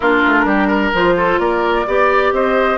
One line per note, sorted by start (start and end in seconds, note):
0.00 0.24 A#3
0.00 0.95 D4
0.00 0.44 F4
0.00 0.91 A#4
0.26 0.44 A3
0.44 0.91 G3
0.44 0.67 G4
0.67 1.14 A#4
0.93 1.38 F3
0.93 1.86 F4
0.93 1.38 C5
1.16 1.40 A4
1.38 1.85 A#3
1.38 1.86 A#4
1.38 2.31 D5
1.86 2.32 B3
1.86 2.77 G4
1.86 2.33 D5
2.32 2.77 C4
2.32 2.77 C5
2.32 2.77 D#5